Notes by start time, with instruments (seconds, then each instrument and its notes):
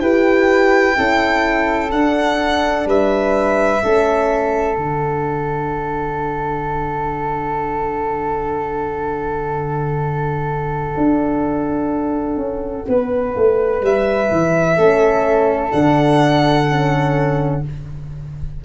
0.00 tuba E4, horn G4, flute B4, violin G5
0.95 tuba C#4, horn E4, flute A4
1.92 tuba D4, horn D4, violin F#5
2.86 tuba G3, flute B4, violin E5
3.83 tuba A3, horn C#4, flute A4
4.76 tuba D3, horn D4, violin F#5
10.97 tuba D4
12.37 tuba C#4
12.88 tuba B3, flute B4
13.36 tuba A3
13.81 tuba G3, violin E5
14.31 tuba E3
14.77 tuba A3, horn C#4, flute A4
15.71 tuba D3, horn D4, violin F#5
16.69 horn C#4